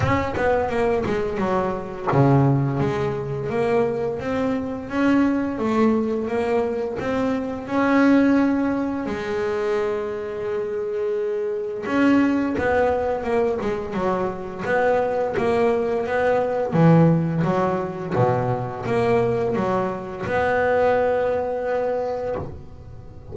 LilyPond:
\new Staff \with { instrumentName = "double bass" } { \time 4/4 \tempo 4 = 86 cis'8 b8 ais8 gis8 fis4 cis4 | gis4 ais4 c'4 cis'4 | a4 ais4 c'4 cis'4~ | cis'4 gis2.~ |
gis4 cis'4 b4 ais8 gis8 | fis4 b4 ais4 b4 | e4 fis4 b,4 ais4 | fis4 b2. | }